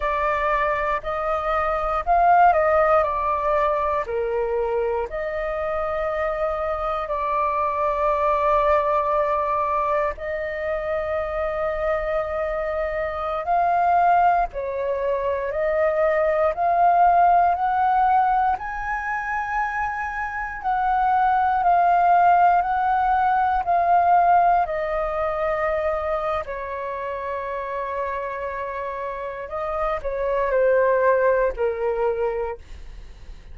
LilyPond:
\new Staff \with { instrumentName = "flute" } { \time 4/4 \tempo 4 = 59 d''4 dis''4 f''8 dis''8 d''4 | ais'4 dis''2 d''4~ | d''2 dis''2~ | dis''4~ dis''16 f''4 cis''4 dis''8.~ |
dis''16 f''4 fis''4 gis''4.~ gis''16~ | gis''16 fis''4 f''4 fis''4 f''8.~ | f''16 dis''4.~ dis''16 cis''2~ | cis''4 dis''8 cis''8 c''4 ais'4 | }